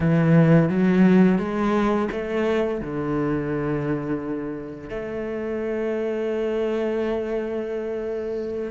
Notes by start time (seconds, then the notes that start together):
0.00 E3
0.69 F#3
1.38 G#3
2.11 A3
2.81 D3
4.89 A3